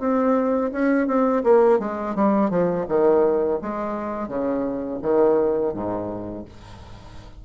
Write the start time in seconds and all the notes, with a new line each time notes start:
0.00 C4
0.72 C#4
1.07 C4
1.44 A#3
1.80 G#3
2.16 G3
2.50 F3
2.89 D#3
3.62 G#3
4.28 C#3
5.02 D#3
5.74 G#2